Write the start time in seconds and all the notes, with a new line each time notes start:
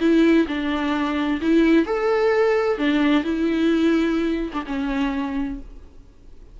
0.00 E4
0.48 D4
1.41 E4
1.86 A4
2.78 D4
3.24 E4
4.53 D4
4.67 C#4